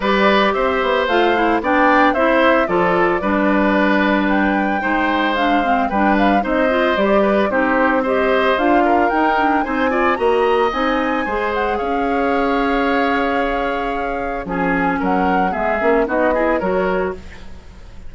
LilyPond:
<<
  \new Staff \with { instrumentName = "flute" } { \time 4/4 \tempo 4 = 112 d''4 e''4 f''4 g''4 | e''4 d''2. | g''2 f''4 g''8 f''8 | dis''4 d''4 c''4 dis''4 |
f''4 g''4 gis''4 ais''4 | gis''4. fis''8 f''2~ | f''2. gis''4 | fis''4 e''4 dis''4 cis''4 | }
  \new Staff \with { instrumentName = "oboe" } { \time 4/4 b'4 c''2 d''4 | c''4 a'4 b'2~ | b'4 c''2 b'4 | c''4. b'8 g'4 c''4~ |
c''8 ais'4. c''8 d''8 dis''4~ | dis''4 c''4 cis''2~ | cis''2. gis'4 | ais'4 gis'4 fis'8 gis'8 ais'4 | }
  \new Staff \with { instrumentName = "clarinet" } { \time 4/4 g'2 f'8 e'8 d'4 | e'4 f'4 d'2~ | d'4 dis'4 d'8 c'8 d'4 | dis'8 f'8 g'4 dis'4 g'4 |
f'4 dis'8 d'8 dis'8 f'8 fis'4 | dis'4 gis'2.~ | gis'2. cis'4~ | cis'4 b8 cis'8 dis'8 e'8 fis'4 | }
  \new Staff \with { instrumentName = "bassoon" } { \time 4/4 g4 c'8 b8 a4 b4 | c'4 f4 g2~ | g4 gis2 g4 | c'4 g4 c'2 |
d'4 dis'4 c'4 ais4 | c'4 gis4 cis'2~ | cis'2. f4 | fis4 gis8 ais8 b4 fis4 | }
>>